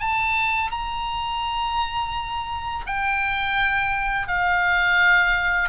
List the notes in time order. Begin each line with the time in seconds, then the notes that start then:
0.00 A5
0.71 A#5
2.87 G5
4.28 F5